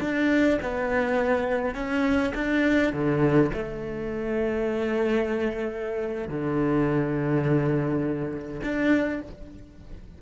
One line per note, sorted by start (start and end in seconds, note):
0.00 0.58 D4
0.62 1.74 B3
1.74 2.32 C#4
2.34 2.92 D4
2.92 3.50 D3
3.53 6.28 A3
6.28 8.61 D3
8.63 9.21 D4